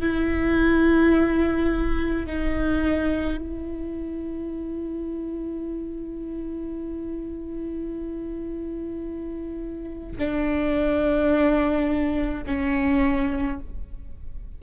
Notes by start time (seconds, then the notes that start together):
0.00 E4
2.26 D#4
3.38 E4
10.18 D4
12.46 C#4